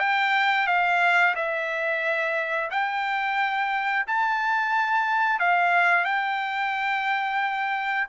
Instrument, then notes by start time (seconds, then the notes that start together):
trumpet
0.00 G5
0.68 F5
1.36 E5
2.71 G5
4.08 A5
5.40 F5
6.05 G5